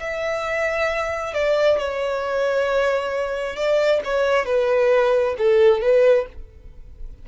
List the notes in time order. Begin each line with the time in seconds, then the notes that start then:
0.00 E5
1.34 D5
1.78 C#5
3.56 D5
4.04 C#5
4.45 B4
5.38 A4
5.81 B4